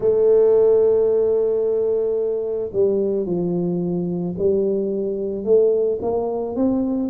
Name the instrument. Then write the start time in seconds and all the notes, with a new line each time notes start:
tuba
0.00 A3
2.72 G3
3.26 F3
4.38 G3
5.44 A3
6.01 A#3
6.55 C4